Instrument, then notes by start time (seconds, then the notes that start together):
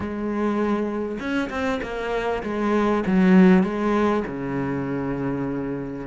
cello
0.00 G#3
1.19 C#4
1.50 C4
1.82 A#3
2.43 G#3
3.06 F#3
3.63 G#3
4.27 C#3